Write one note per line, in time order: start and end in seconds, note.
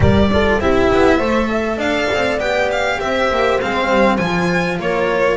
0.00 0.58 G3
0.00 0.29 G4
0.00 0.31 A#4
0.00 0.60 D5
0.32 0.60 F4
0.32 0.61 A4
0.58 0.88 C4
0.58 1.19 E4
0.58 1.17 G4
0.58 1.79 E5
0.93 1.20 B3
1.17 1.77 A3
1.17 2.39 A4
1.17 1.47 C5
1.48 1.78 E5
1.77 2.07 D4
1.77 2.98 D5
1.77 2.39 F5
2.13 2.38 C4
2.38 2.98 B3
2.38 3.60 G4
2.38 2.69 G5
2.71 3.00 F5
3.00 3.30 C4
3.00 4.81 C5
3.00 3.60 E5
3.31 3.61 A#3
3.60 3.89 G#3
3.60 4.18 C4
3.60 4.17 F5
3.89 4.19 G3
4.17 4.79 F3
4.17 5.37 F4
4.17 4.77 G#5
4.79 5.37 A#3
4.79 5.37 A#4
4.79 5.37 C#5